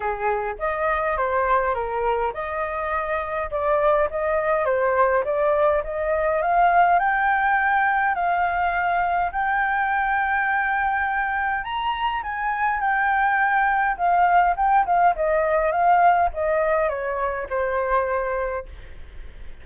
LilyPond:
\new Staff \with { instrumentName = "flute" } { \time 4/4 \tempo 4 = 103 gis'4 dis''4 c''4 ais'4 | dis''2 d''4 dis''4 | c''4 d''4 dis''4 f''4 | g''2 f''2 |
g''1 | ais''4 gis''4 g''2 | f''4 g''8 f''8 dis''4 f''4 | dis''4 cis''4 c''2 | }